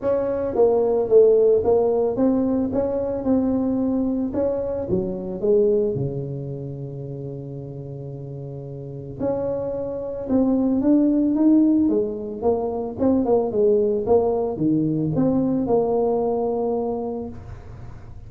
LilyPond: \new Staff \with { instrumentName = "tuba" } { \time 4/4 \tempo 4 = 111 cis'4 ais4 a4 ais4 | c'4 cis'4 c'2 | cis'4 fis4 gis4 cis4~ | cis1~ |
cis4 cis'2 c'4 | d'4 dis'4 gis4 ais4 | c'8 ais8 gis4 ais4 dis4 | c'4 ais2. | }